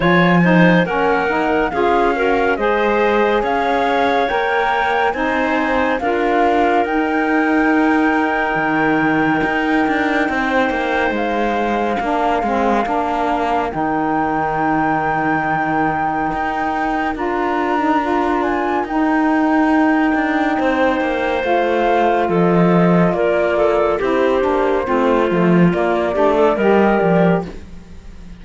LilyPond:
<<
  \new Staff \with { instrumentName = "flute" } { \time 4/4 \tempo 4 = 70 gis''4 fis''4 f''4 dis''4 | f''4 g''4 gis''4 f''4 | g''1~ | g''4 f''2. |
g''1 | ais''4. gis''8 g''2~ | g''4 f''4 dis''4 d''4 | c''2 d''4 dis''8 d''8 | }
  \new Staff \with { instrumentName = "clarinet" } { \time 4/4 cis''8 c''8 ais'4 gis'8 ais'8 c''4 | cis''2 c''4 ais'4~ | ais'1 | c''2 ais'2~ |
ais'1~ | ais'1 | c''2 a'4 ais'8 a'8 | g'4 f'4. g'16 a'16 ais'4 | }
  \new Staff \with { instrumentName = "saxophone" } { \time 4/4 f'8 dis'8 cis'8 dis'8 f'8 fis'8 gis'4~ | gis'4 ais'4 dis'4 f'4 | dis'1~ | dis'2 d'8 c'8 d'4 |
dis'1 | f'8. dis'16 f'4 dis'2~ | dis'4 f'2. | e'8 d'8 c'8 a8 ais8 d'8 g'4 | }
  \new Staff \with { instrumentName = "cello" } { \time 4/4 f4 ais4 cis'4 gis4 | cis'4 ais4 c'4 d'4 | dis'2 dis4 dis'8 d'8 | c'8 ais8 gis4 ais8 gis8 ais4 |
dis2. dis'4 | d'2 dis'4. d'8 | c'8 ais8 a4 f4 ais4 | c'8 ais8 a8 f8 ais8 a8 g8 f8 | }
>>